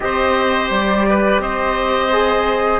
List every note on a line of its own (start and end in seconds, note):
0.00 0.70 C4
0.00 2.10 G4
0.00 1.09 C5
0.00 0.69 D#5
0.70 1.39 G3
0.70 1.41 D5
1.09 1.41 B4
1.39 2.80 C4
1.39 2.80 C5
1.39 2.80 D#5
2.12 2.80 G#4